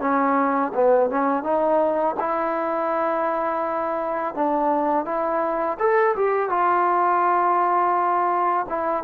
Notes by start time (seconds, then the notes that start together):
0.00 C#4
0.75 B3
1.10 C#4
1.43 D#4
2.20 E4
4.35 D4
5.05 E4
5.79 A4
6.16 G4
6.50 F4
8.69 E4